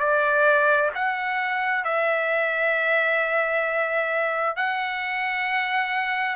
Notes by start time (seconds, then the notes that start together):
0.00 D5
0.95 F#5
1.85 E5
4.57 F#5